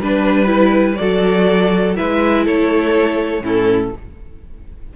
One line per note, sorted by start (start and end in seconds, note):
0.00 0.98 G3
0.00 0.47 D4
0.00 0.99 B4
0.00 0.96 B4
0.47 0.96 E4
0.96 1.99 F#3
0.96 1.96 F#4
0.96 1.98 A4
0.96 1.94 D5
1.96 2.48 G#3
1.96 3.43 E4
1.96 2.45 B4
1.96 2.46 E5
2.45 3.41 A3
2.45 3.43 A4
2.45 3.45 C#5
3.41 3.90 A2
3.41 3.92 C#4
3.41 3.94 E4
3.41 3.96 A4